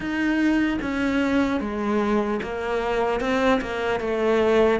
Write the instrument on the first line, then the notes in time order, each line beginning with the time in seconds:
cello
0.00 D#4
0.81 C#4
1.60 G#3
2.42 A#3
3.20 C4
3.61 A#3
4.00 A3